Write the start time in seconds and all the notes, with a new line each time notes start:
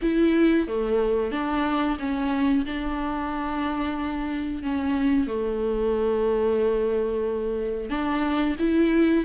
0.02 E4
0.67 A3
1.31 D4
1.99 C#4
2.65 D4
4.62 C#4
5.27 A3
7.89 D4
8.59 E4